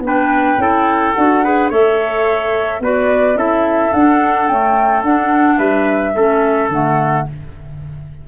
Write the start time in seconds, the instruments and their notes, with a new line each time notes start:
0.00 tuba B3, clarinet D4, flute G5
0.06 trumpet B4
0.57 tuba C#4, clarinet E4, trumpet A4
1.13 tuba D4, clarinet F#4, flute F#5
1.43 clarinet G#4, trumpet B4
1.70 tuba A3, clarinet A4, trumpet C#5, flute E5
2.80 tuba B3, clarinet F#4, trumpet B4, flute D5
3.35 tuba C#4, clarinet E4, trumpet A4, flute E5
3.93 tuba D4, clarinet D4, flute F#5
4.47 clarinet A3, tuba C#4, flute G5
5.03 clarinet D4, tuba D4, flute F#5
5.58 tuba G3, trumpet B4, flute E5
6.15 tuba A3, clarinet C#4, trumpet A4
6.69 tuba D3, clarinet A3, flute F#5